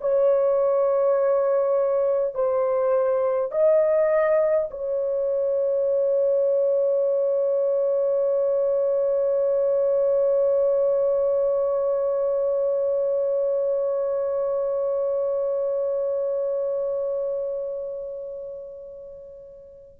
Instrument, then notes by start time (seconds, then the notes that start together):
horn
0.00 C#5
2.34 C5
3.51 D#5
4.70 C#5